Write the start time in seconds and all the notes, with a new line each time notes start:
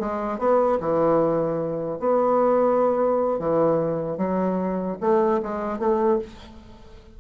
0.00 G#3
0.39 B3
0.80 E3
2.00 B3
3.39 E3
4.18 F#3
5.01 A3
5.43 G#3
5.79 A3